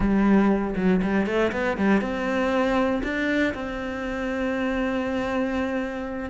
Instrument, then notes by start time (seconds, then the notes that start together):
cello
0.00 G3
0.76 F#3
1.02 G3
1.26 A3
1.52 B3
1.77 G3
2.01 C4
3.03 D4
3.54 C4